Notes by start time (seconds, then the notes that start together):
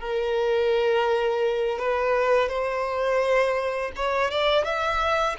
0.00 A#4
1.79 B4
2.48 C5
3.95 C#5
4.31 D5
4.64 E5